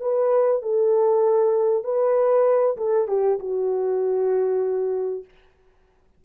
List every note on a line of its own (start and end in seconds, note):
0.00 0.62 B4
0.62 1.83 A4
1.83 2.76 B4
2.77 3.08 A4
3.08 3.39 G4
3.39 5.24 F#4